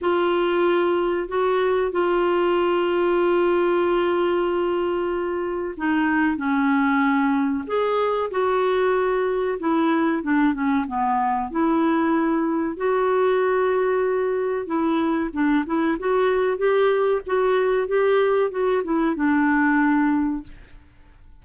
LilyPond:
\new Staff \with { instrumentName = "clarinet" } { \time 4/4 \tempo 4 = 94 f'2 fis'4 f'4~ | f'1~ | f'4 dis'4 cis'2 | gis'4 fis'2 e'4 |
d'8 cis'8 b4 e'2 | fis'2. e'4 | d'8 e'8 fis'4 g'4 fis'4 | g'4 fis'8 e'8 d'2 | }